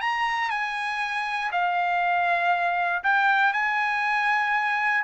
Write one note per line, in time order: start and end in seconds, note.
0.00 0.50 A#5
0.50 1.50 G#5
1.51 3.03 F5
3.03 3.53 G5
3.53 5.04 G#5